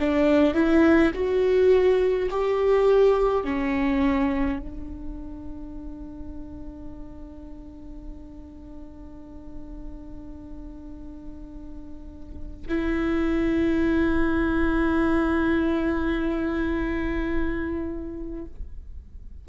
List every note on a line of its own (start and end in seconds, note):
0.00 0.54 D4
0.54 1.12 E4
1.14 2.30 F#4
2.31 3.45 G4
3.45 4.59 C#4
4.59 12.67 D4
12.69 18.46 E4